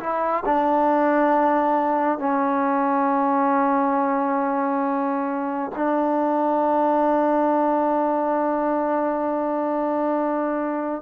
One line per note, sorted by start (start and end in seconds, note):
0.00 0.44 E4
0.46 2.19 D4
2.19 5.72 C#4
5.76 11.03 D4